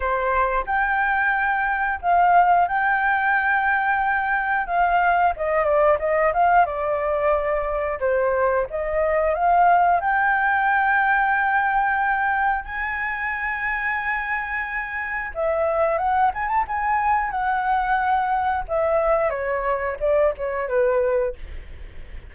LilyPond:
\new Staff \with { instrumentName = "flute" } { \time 4/4 \tempo 4 = 90 c''4 g''2 f''4 | g''2. f''4 | dis''8 d''8 dis''8 f''8 d''2 | c''4 dis''4 f''4 g''4~ |
g''2. gis''4~ | gis''2. e''4 | fis''8 gis''16 a''16 gis''4 fis''2 | e''4 cis''4 d''8 cis''8 b'4 | }